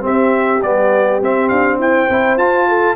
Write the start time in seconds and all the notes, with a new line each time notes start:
0.00 C4 G4 E5
0.62 G3 B3 D5
1.21 C4 E5
1.48 D4 F5
1.79 E4 C5 G5
2.09 C4 E4
2.37 F4 A5
2.68 A4